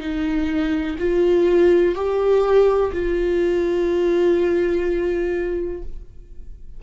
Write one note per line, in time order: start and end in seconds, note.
0.00 0.97 D#4
0.99 1.95 F4
1.95 2.92 G4
2.93 5.83 F4